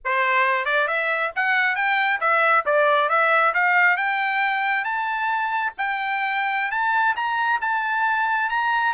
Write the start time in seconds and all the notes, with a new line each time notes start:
0.04 C5
0.65 D5
0.87 E5
1.35 F#5
1.75 G5
2.20 E5
2.65 D5
3.09 E5
3.54 F5
3.97 G5
4.84 A5
5.77 G5
6.71 A5
7.16 A#5
7.61 A5
8.49 A#5